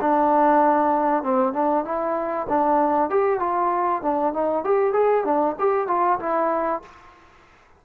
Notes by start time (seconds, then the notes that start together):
0.00 D4
1.22 C4
1.53 D4
1.84 E4
2.49 D4
3.09 G4
3.39 F4
4.02 D4
4.33 D#4
4.64 G4
4.93 G#4
5.24 D4
5.59 G4
5.87 F4
6.19 E4